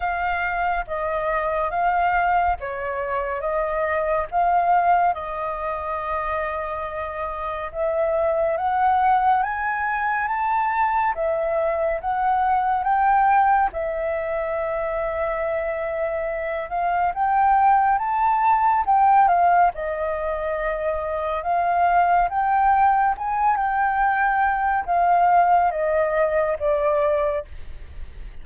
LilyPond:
\new Staff \with { instrumentName = "flute" } { \time 4/4 \tempo 4 = 70 f''4 dis''4 f''4 cis''4 | dis''4 f''4 dis''2~ | dis''4 e''4 fis''4 gis''4 | a''4 e''4 fis''4 g''4 |
e''2.~ e''8 f''8 | g''4 a''4 g''8 f''8 dis''4~ | dis''4 f''4 g''4 gis''8 g''8~ | g''4 f''4 dis''4 d''4 | }